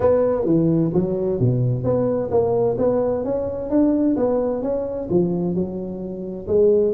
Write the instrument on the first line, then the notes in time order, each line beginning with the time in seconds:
tuba
0.00 B3
0.45 E3
0.93 F#3
1.39 B2
1.83 B3
2.30 A#3
2.78 B3
3.24 C#4
3.69 D4
4.16 B3
4.62 C#4
5.09 F3
5.54 F#3
6.47 G#3